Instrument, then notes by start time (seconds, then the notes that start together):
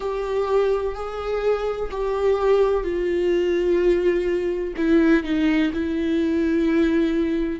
viola
0.00 G4
0.94 G#4
1.90 G4
2.83 F4
4.76 E4
5.23 D#4
5.73 E4